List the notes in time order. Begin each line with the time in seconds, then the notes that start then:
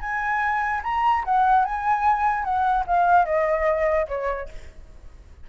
0.00 G#5
0.83 A#5
1.24 F#5
1.65 G#5
2.44 F#5
2.87 F5
3.25 D#5
4.08 C#5